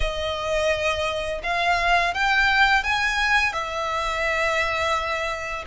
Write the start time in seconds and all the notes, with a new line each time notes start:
0.00 D#5
1.43 F5
2.14 G5
2.83 G#5
3.53 E5